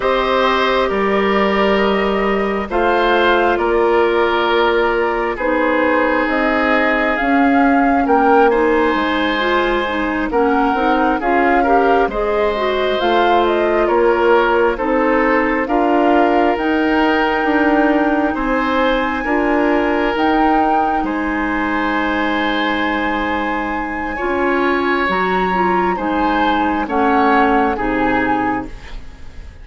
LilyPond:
<<
  \new Staff \with { instrumentName = "flute" } { \time 4/4 \tempo 4 = 67 dis''4 d''4 dis''4 f''4 | d''2 c''4 dis''4 | f''4 g''8 gis''2 fis''8~ | fis''8 f''4 dis''4 f''8 dis''8 cis''8~ |
cis''8 c''4 f''4 g''4.~ | g''8 gis''2 g''4 gis''8~ | gis''1 | ais''4 gis''4 fis''4 gis''4 | }
  \new Staff \with { instrumentName = "oboe" } { \time 4/4 c''4 ais'2 c''4 | ais'2 gis'2~ | gis'4 ais'8 c''2 ais'8~ | ais'8 gis'8 ais'8 c''2 ais'8~ |
ais'8 a'4 ais'2~ ais'8~ | ais'8 c''4 ais'2 c''8~ | c''2. cis''4~ | cis''4 c''4 cis''4 gis'4 | }
  \new Staff \with { instrumentName = "clarinet" } { \time 4/4 g'2. f'4~ | f'2 dis'2 | cis'4. dis'4 f'8 dis'8 cis'8 | dis'8 f'8 g'8 gis'8 fis'8 f'4.~ |
f'8 dis'4 f'4 dis'4.~ | dis'4. f'4 dis'4.~ | dis'2. f'4 | fis'8 f'8 dis'4 cis'4 dis'4 | }
  \new Staff \with { instrumentName = "bassoon" } { \time 4/4 c'4 g2 a4 | ais2 b4 c'4 | cis'4 ais4 gis4. ais8 | c'8 cis'4 gis4 a4 ais8~ |
ais8 c'4 d'4 dis'4 d'8~ | d'8 c'4 d'4 dis'4 gis8~ | gis2. cis'4 | fis4 gis4 a4 c4 | }
>>